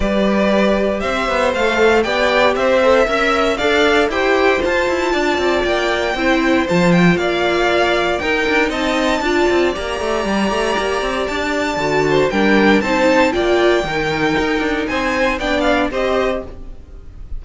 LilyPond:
<<
  \new Staff \with { instrumentName = "violin" } { \time 4/4 \tempo 4 = 117 d''2 e''4 f''4 | g''4 e''2 f''4 | g''4 a''2 g''4~ | g''4 a''8 g''8 f''2 |
g''4 a''2 ais''4~ | ais''2 a''2 | g''4 a''4 g''2~ | g''4 gis''4 g''8 f''8 dis''4 | }
  \new Staff \with { instrumentName = "violin" } { \time 4/4 b'2 c''2 | d''4 c''4 e''4 d''4 | c''2 d''2 | c''2 d''2 |
ais'4 dis''4 d''2~ | d''2.~ d''8 c''8 | ais'4 c''4 d''4 ais'4~ | ais'4 c''4 d''4 c''4 | }
  \new Staff \with { instrumentName = "viola" } { \time 4/4 g'2. a'4 | g'4. a'8 ais'4 a'4 | g'4 f'2. | e'4 f'2. |
dis'2 f'4 g'4~ | g'2. fis'4 | d'4 dis'4 f'4 dis'4~ | dis'2 d'4 g'4 | }
  \new Staff \with { instrumentName = "cello" } { \time 4/4 g2 c'8 b8 a4 | b4 c'4 cis'4 d'4 | e'4 f'8 e'8 d'8 c'8 ais4 | c'4 f4 ais2 |
dis'8 d'8 c'4 d'8 c'8 ais8 a8 | g8 a8 ais8 c'8 d'4 d4 | g4 c'4 ais4 dis4 | dis'8 d'8 c'4 b4 c'4 | }
>>